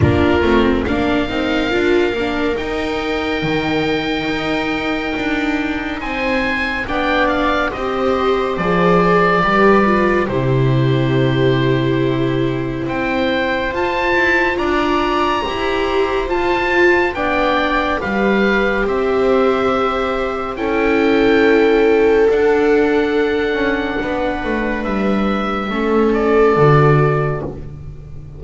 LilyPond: <<
  \new Staff \with { instrumentName = "oboe" } { \time 4/4 \tempo 4 = 70 ais'4 f''2 g''4~ | g''2. gis''4 | g''8 f''8 dis''4 d''2 | c''2. g''4 |
a''4 ais''2 a''4 | g''4 f''4 e''2 | g''2 fis''2~ | fis''4 e''4. d''4. | }
  \new Staff \with { instrumentName = "viola" } { \time 4/4 f'4 ais'2.~ | ais'2. c''4 | d''4 c''2 b'4 | g'2. c''4~ |
c''4 d''4 c''2 | d''4 b'4 c''2 | a'1 | b'2 a'2 | }
  \new Staff \with { instrumentName = "viola" } { \time 4/4 d'8 c'8 d'8 dis'8 f'8 d'8 dis'4~ | dis'1 | d'4 g'4 gis'4 g'8 f'8 | e'1 |
f'2 g'4 f'4 | d'4 g'2. | e'2 d'2~ | d'2 cis'4 fis'4 | }
  \new Staff \with { instrumentName = "double bass" } { \time 4/4 ais8 a8 ais8 c'8 d'8 ais8 dis'4 | dis4 dis'4 d'4 c'4 | b4 c'4 f4 g4 | c2. c'4 |
f'8 e'8 d'4 e'4 f'4 | b4 g4 c'2 | cis'2 d'4. cis'8 | b8 a8 g4 a4 d4 | }
>>